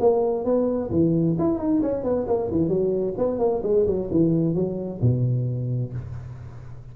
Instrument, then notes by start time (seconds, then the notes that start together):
tuba
0.00 A#3
0.45 B3
0.91 E3
1.39 E4
1.59 D#4
1.82 C#4
2.04 B3
2.28 A#3
2.51 E3
2.68 F#3
3.18 B3
3.39 A#3
3.63 G#3
3.87 F#3
4.11 E3
4.55 F#3
5.02 B2